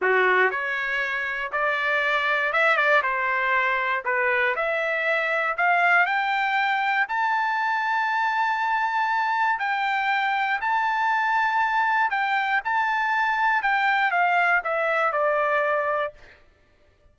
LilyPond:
\new Staff \with { instrumentName = "trumpet" } { \time 4/4 \tempo 4 = 119 fis'4 cis''2 d''4~ | d''4 e''8 d''8 c''2 | b'4 e''2 f''4 | g''2 a''2~ |
a''2. g''4~ | g''4 a''2. | g''4 a''2 g''4 | f''4 e''4 d''2 | }